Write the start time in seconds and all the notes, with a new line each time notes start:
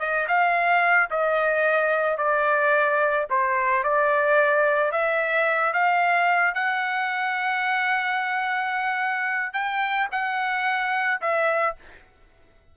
0.00 D#5
0.28 F5
1.11 D#5
2.18 D5
3.30 C5
3.84 D5
4.92 E5
5.73 F5
6.55 F#5
9.54 G5
10.12 F#5
11.22 E5